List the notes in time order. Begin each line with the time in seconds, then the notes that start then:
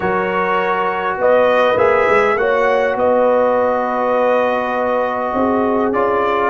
0.00 F#3 F#4 A#4 C#5
1.17 B3 B4 D#5
1.77 A#3 G#4 E5
2.09 G#3
2.35 A#3 F#4 C#5 F#5
2.95 B3 B4 D#5
5.33 C4 G#4
5.92 C#4 F4 D5